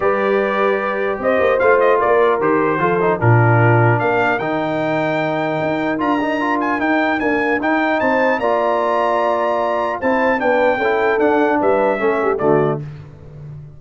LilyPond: <<
  \new Staff \with { instrumentName = "trumpet" } { \time 4/4 \tempo 4 = 150 d''2. dis''4 | f''8 dis''8 d''4 c''2 | ais'2 f''4 g''4~ | g''2. ais''4~ |
ais''8 gis''8 g''4 gis''4 g''4 | a''4 ais''2.~ | ais''4 a''4 g''2 | fis''4 e''2 d''4 | }
  \new Staff \with { instrumentName = "horn" } { \time 4/4 b'2. c''4~ | c''4 ais'2 a'4 | f'2 ais'2~ | ais'1~ |
ais'1 | c''4 d''2.~ | d''4 c''4 b'4 a'4~ | a'4 b'4 a'8 g'8 fis'4 | }
  \new Staff \with { instrumentName = "trombone" } { \time 4/4 g'1 | f'2 g'4 f'8 dis'8 | d'2. dis'4~ | dis'2. f'8 dis'8 |
f'4 dis'4 ais4 dis'4~ | dis'4 f'2.~ | f'4 e'4 d'4 e'4 | d'2 cis'4 a4 | }
  \new Staff \with { instrumentName = "tuba" } { \time 4/4 g2. c'8 ais8 | a4 ais4 dis4 f4 | ais,2 ais4 dis4~ | dis2 dis'4 d'4~ |
d'4 dis'4 d'4 dis'4 | c'4 ais2.~ | ais4 c'4 b4 cis'4 | d'4 g4 a4 d4 | }
>>